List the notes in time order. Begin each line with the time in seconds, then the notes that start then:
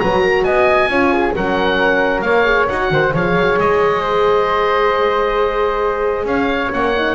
0.00 F#3 F#4 B4 A#5
0.22 A#4
0.44 B3 D#5 G#5
0.88 C#4 F4 C#5
1.13 G#4
1.36 F#3 C#4 A#4 F#5
2.22 A#3 A#4 C#5 F5
2.45 G#4
2.69 D#4 F#4 F#5
2.91 D#3 C5
3.14 F3 G#4 C#5 F5
3.36 F#3
3.59 G#3 D#5
4.02 C5
6.25 C#4 C#5 F5
6.72 A#3 C#4 F#5
6.96 D#4